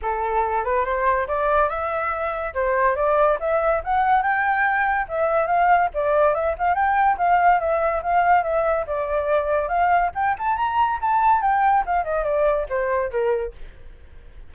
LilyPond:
\new Staff \with { instrumentName = "flute" } { \time 4/4 \tempo 4 = 142 a'4. b'8 c''4 d''4 | e''2 c''4 d''4 | e''4 fis''4 g''2 | e''4 f''4 d''4 e''8 f''8 |
g''4 f''4 e''4 f''4 | e''4 d''2 f''4 | g''8 a''8 ais''4 a''4 g''4 | f''8 dis''8 d''4 c''4 ais'4 | }